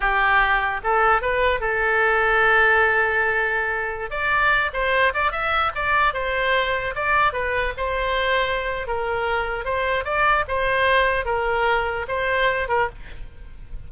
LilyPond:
\new Staff \with { instrumentName = "oboe" } { \time 4/4 \tempo 4 = 149 g'2 a'4 b'4 | a'1~ | a'2~ a'16 d''4. c''16~ | c''8. d''8 e''4 d''4 c''8.~ |
c''4~ c''16 d''4 b'4 c''8.~ | c''2 ais'2 | c''4 d''4 c''2 | ais'2 c''4. ais'8 | }